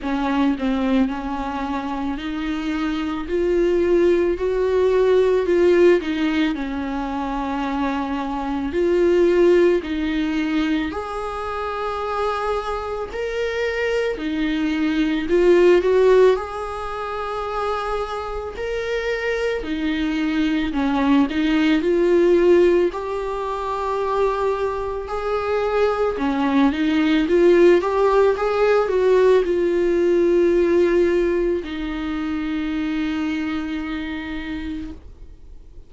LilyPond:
\new Staff \with { instrumentName = "viola" } { \time 4/4 \tempo 4 = 55 cis'8 c'8 cis'4 dis'4 f'4 | fis'4 f'8 dis'8 cis'2 | f'4 dis'4 gis'2 | ais'4 dis'4 f'8 fis'8 gis'4~ |
gis'4 ais'4 dis'4 cis'8 dis'8 | f'4 g'2 gis'4 | cis'8 dis'8 f'8 g'8 gis'8 fis'8 f'4~ | f'4 dis'2. | }